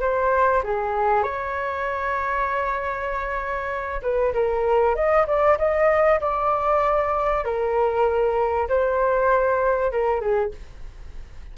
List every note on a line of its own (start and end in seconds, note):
0.00 0.62 C5
0.63 1.23 G#4
1.23 4.01 C#5
4.01 4.32 B4
4.33 4.95 A#4
4.95 5.26 D#5
5.27 5.58 D5
5.58 6.20 D#5
6.20 7.44 D5
7.44 8.68 A#4
8.68 9.91 C5
9.91 10.20 A#4
10.20 10.51 G#4